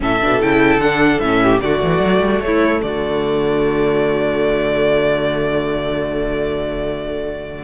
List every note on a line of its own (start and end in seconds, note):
0.00 0.21 A2
0.00 0.20 C#4
0.00 1.43 A4
0.00 0.41 E5
0.21 0.42 B2
0.21 0.40 D4
0.40 0.77 C#3
0.40 0.80 E4
0.40 0.80 G5
0.77 1.17 D3
0.77 1.22 D4
0.77 1.19 F#5
1.19 1.60 A2
1.19 1.62 C#4
1.19 1.59 E5
1.43 1.63 G4
1.61 1.82 D3
1.61 7.63 A3
1.61 2.43 F#4
1.61 2.40 D5
1.82 1.99 E3
1.99 2.19 F#3
2.20 2.40 G3
2.40 2.80 A3
2.40 2.81 C#5
2.46 2.83 E4
2.81 7.63 D3
2.81 7.63 F#4
2.81 7.63 D5